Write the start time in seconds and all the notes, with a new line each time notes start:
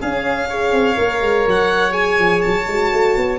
0.00 C#4 G#4 F5
0.49 G#4 C#5
0.73 C4
0.96 A#3 A#4
1.22 G#3
1.47 F#3 F#5
1.91 G#4 G#5
2.19 F3
2.42 F#3 A5
2.68 G#3 F#4
2.93 A3
3.17 B3